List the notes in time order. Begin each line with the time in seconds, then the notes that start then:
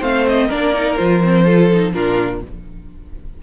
0.00 A3 C4 C5 F5
0.28 D#5
0.48 A#3 D4 A#4 D5
0.74 D#4
0.97 F3 F4 C5
1.24 C4
1.44 F4 A4
1.72 D#4
1.93 A#2 D4 F4 A#4